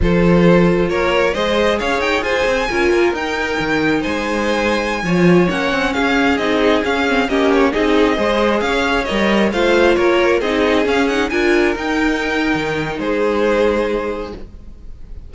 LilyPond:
<<
  \new Staff \with { instrumentName = "violin" } { \time 4/4 \tempo 4 = 134 c''2 cis''4 dis''4 | f''8 g''8 gis''2 g''4~ | g''4 gis''2.~ | gis''16 fis''4 f''4 dis''4 f''8.~ |
f''16 dis''8 cis''8 dis''2 f''8.~ | f''16 dis''4 f''4 cis''4 dis''8.~ | dis''16 f''8 fis''8 gis''4 g''4.~ g''16~ | g''4 c''2. | }
  \new Staff \with { instrumentName = "violin" } { \time 4/4 a'2 ais'4 c''4 | cis''4 c''4 ais'2~ | ais'4 c''2~ c''16 cis''8.~ | cis''4~ cis''16 gis'2~ gis'8.~ |
gis'16 g'4 gis'4 c''4 cis''8.~ | cis''4~ cis''16 c''4 ais'4 gis'8.~ | gis'4~ gis'16 ais'2~ ais'8.~ | ais'4 gis'2. | }
  \new Staff \with { instrumentName = "viola" } { \time 4/4 f'2. gis'4~ | gis'2 f'4 dis'4~ | dis'2.~ dis'16 f'8.~ | f'16 cis'2 dis'4 cis'8 c'16~ |
c'16 cis'4 dis'4 gis'4.~ gis'16~ | gis'16 ais'4 f'2 dis'8.~ | dis'16 cis'8 dis'8 f'4 dis'4.~ dis'16~ | dis'1 | }
  \new Staff \with { instrumentName = "cello" } { \time 4/4 f2 ais4 gis4 | cis'8 dis'8 f'8 c'8 cis'8 ais8 dis'4 | dis4 gis2~ gis16 f8.~ | f16 ais8 c'8 cis'4 c'4 cis'8.~ |
cis'16 ais4 c'4 gis4 cis'8.~ | cis'16 g4 a4 ais4 c'8.~ | c'16 cis'4 d'4 dis'4.~ dis'16 | dis4 gis2. | }
>>